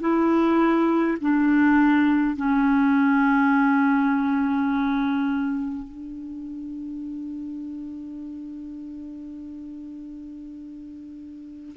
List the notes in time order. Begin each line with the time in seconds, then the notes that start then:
0.00 E4
1.21 D4
2.36 C#4
5.88 D4